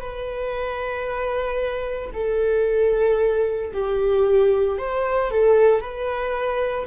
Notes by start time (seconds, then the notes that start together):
0.00 B4
2.13 A4
3.73 G4
4.78 C5
5.31 A4
5.80 B4